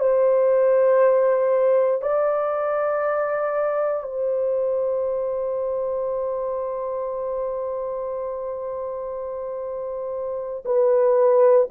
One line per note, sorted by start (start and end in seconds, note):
0.00 2.02 C5
2.02 4.03 D5
4.03 10.64 C5
10.66 11.68 B4